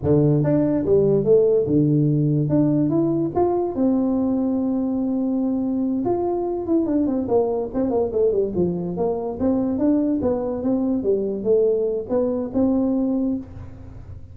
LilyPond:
\new Staff \with { instrumentName = "tuba" } { \time 4/4 \tempo 4 = 144 d4 d'4 g4 a4 | d2 d'4 e'4 | f'4 c'2.~ | c'2~ c'8 f'4. |
e'8 d'8 c'8 ais4 c'8 ais8 a8 | g8 f4 ais4 c'4 d'8~ | d'8 b4 c'4 g4 a8~ | a4 b4 c'2 | }